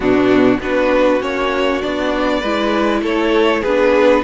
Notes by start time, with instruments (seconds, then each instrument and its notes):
0.00 cello B2, viola B3, violin D4 F#4
0.59 cello B3, viola D4, violin F#4 B4
1.20 cello A#3, viola C#4, violin C#5
1.81 cello B3, viola D4, violin D5
2.40 cello G#3, viola E4, violin B4
3.02 cello A3, violin A4 C#5
3.61 cello B3, viola D4, violin G#4 B4